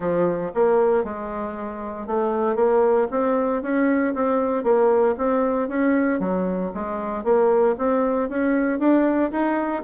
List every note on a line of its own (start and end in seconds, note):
0.00 0.51 F3
0.54 1.03 A#3
1.03 2.06 G#3
2.06 2.55 A3
2.55 3.07 A#3
3.10 3.62 C4
3.62 4.14 C#4
4.14 4.63 C4
4.63 5.15 A#3
5.17 5.68 C4
5.68 6.19 C#4
6.19 6.71 F#3
6.74 7.24 G#3
7.24 7.75 A#3
7.78 8.29 C4
8.29 8.79 C#4
8.79 9.31 D4
9.31 9.83 D#4